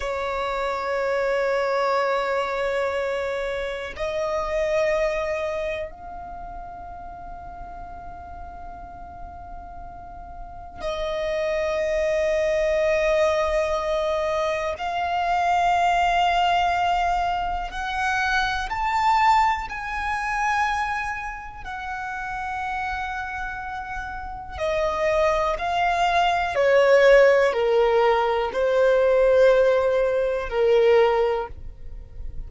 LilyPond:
\new Staff \with { instrumentName = "violin" } { \time 4/4 \tempo 4 = 61 cis''1 | dis''2 f''2~ | f''2. dis''4~ | dis''2. f''4~ |
f''2 fis''4 a''4 | gis''2 fis''2~ | fis''4 dis''4 f''4 cis''4 | ais'4 c''2 ais'4 | }